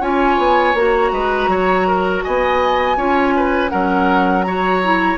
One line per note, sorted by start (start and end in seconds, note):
0.00 0.37 C#4
0.00 0.75 F4
0.00 1.11 C#5
0.00 0.76 G#5
0.37 0.74 B3
0.74 1.11 A#3
0.74 2.97 F#4
0.74 2.23 A#5
1.12 1.48 G#3
1.12 1.50 B4
1.48 2.22 F#3
1.48 1.87 C#5
1.87 2.24 A#4
2.23 2.96 B3
2.23 2.97 D#5
2.23 3.69 G#5
2.96 3.71 C#4
2.96 3.70 F4
2.96 3.34 C#5
3.36 3.71 B4
3.69 5.18 F#3
3.69 4.44 C#4
3.69 4.45 A#4
3.69 4.42 F#5
4.42 4.83 F#4
4.42 5.18 C#5
4.42 5.17 A#5
4.83 5.18 E4